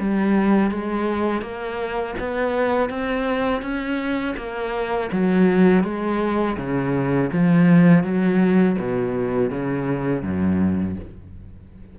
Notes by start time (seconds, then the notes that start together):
0.00 G3
0.71 G#3
1.42 A#3
2.20 B3
2.90 C4
3.63 C#4
4.37 A#3
5.13 F#3
5.84 G#3
6.58 C#3
7.33 F3
8.04 F#3
8.79 B2
9.51 C#3
10.23 F#2